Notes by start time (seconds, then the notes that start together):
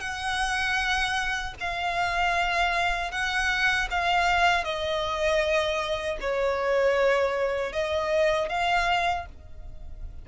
0.00 F#5
1.60 F5
3.12 F#5
3.91 F5
4.64 D#5
6.21 C#5
7.72 D#5
8.49 F5